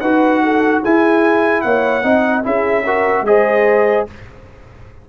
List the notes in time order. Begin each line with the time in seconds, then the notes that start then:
0.00 D#4 F#4 B4 F#5
0.43 A4
0.81 E4 G#4 G#5
1.61 A#3 C#5 F#5
2.03 C4 D#4 D#5
2.43 C#4 E4 G#4 E5
2.84 F#4 A#4
3.22 G#3 G#4 D#5
3.28 C5